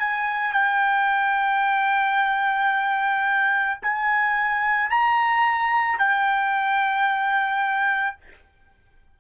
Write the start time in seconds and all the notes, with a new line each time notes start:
0.00 G#5
0.53 G5
3.83 G#5
4.90 A#5
5.99 G5